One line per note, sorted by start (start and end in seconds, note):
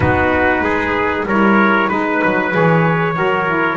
0.00 0.60 B3
0.00 1.26 D#4
0.00 0.63 F#4
0.00 1.26 B4
0.60 1.24 G#3
0.60 1.26 G#4
1.25 1.88 G3
1.25 1.89 E4
1.25 1.88 A#4
1.25 1.89 C#5
1.88 2.21 G#3
1.88 2.52 D#4
1.88 3.14 B4
1.88 2.52 B4
2.24 2.54 F#3
2.52 3.17 E3
2.52 3.13 G#4
2.52 3.77 C#5
3.13 3.77 F#3
3.13 3.45 F#4
3.13 3.77 A#4
3.46 3.77 E4